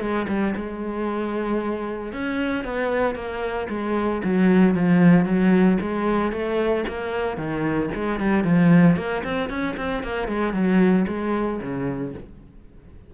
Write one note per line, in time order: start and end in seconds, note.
0.00 0.26 G#3
0.28 0.54 G3
0.56 2.12 G#3
2.12 2.64 C#4
2.64 3.15 B3
3.15 3.68 A#3
3.69 4.22 G#3
4.24 4.75 F#3
4.75 5.25 F3
5.25 5.78 F#3
5.81 6.32 G#3
6.32 6.84 A3
6.88 7.37 A#3
7.37 7.89 D#3
7.95 8.19 G#3
8.19 8.44 G3
8.44 8.96 F3
8.96 9.23 A#3
9.24 9.49 C4
9.49 9.76 C#4
9.77 10.03 C4
10.03 10.28 A#3
10.28 10.53 G#3
10.53 11.06 F#3
11.07 11.60 G#3
11.61 12.14 C#3